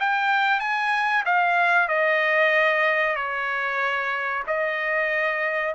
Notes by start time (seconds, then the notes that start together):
0.00 G5
0.60 G#5
1.25 F5
1.88 D#5
3.16 C#5
4.47 D#5